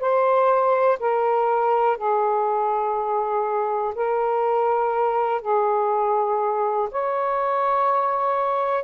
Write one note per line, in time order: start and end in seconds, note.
0.00 0.98 C5
1.00 1.97 A#4
1.97 3.93 G#4
3.94 5.41 A#4
5.41 6.89 G#4
6.91 8.84 C#5